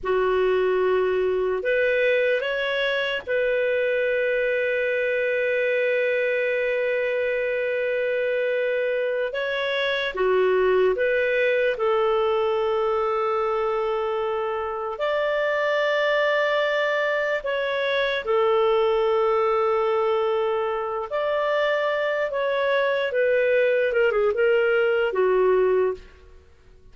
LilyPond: \new Staff \with { instrumentName = "clarinet" } { \time 4/4 \tempo 4 = 74 fis'2 b'4 cis''4 | b'1~ | b'2.~ b'8 cis''8~ | cis''8 fis'4 b'4 a'4.~ |
a'2~ a'8 d''4.~ | d''4. cis''4 a'4.~ | a'2 d''4. cis''8~ | cis''8 b'4 ais'16 gis'16 ais'4 fis'4 | }